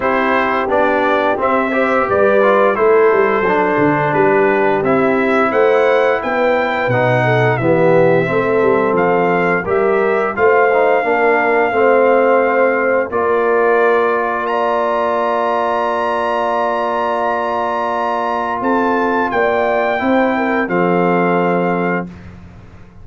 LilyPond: <<
  \new Staff \with { instrumentName = "trumpet" } { \time 4/4 \tempo 4 = 87 c''4 d''4 e''4 d''4 | c''2 b'4 e''4 | fis''4 g''4 fis''4 e''4~ | e''4 f''4 e''4 f''4~ |
f''2. d''4~ | d''4 ais''2.~ | ais''2. a''4 | g''2 f''2 | }
  \new Staff \with { instrumentName = "horn" } { \time 4/4 g'2~ g'8 c''8 b'4 | a'2 g'2 | c''4 b'4. a'8 g'4 | a'2 ais'4 c''4 |
ais'4 c''2 ais'4~ | ais'4 d''2.~ | d''2. a'4 | d''4 c''8 ais'8 a'2 | }
  \new Staff \with { instrumentName = "trombone" } { \time 4/4 e'4 d'4 c'8 g'4 f'8 | e'4 d'2 e'4~ | e'2 dis'4 b4 | c'2 g'4 f'8 dis'8 |
d'4 c'2 f'4~ | f'1~ | f'1~ | f'4 e'4 c'2 | }
  \new Staff \with { instrumentName = "tuba" } { \time 4/4 c'4 b4 c'4 g4 | a8 g8 fis8 d8 g4 c'4 | a4 b4 b,4 e4 | a8 g8 f4 g4 a4 |
ais4 a2 ais4~ | ais1~ | ais2. c'4 | ais4 c'4 f2 | }
>>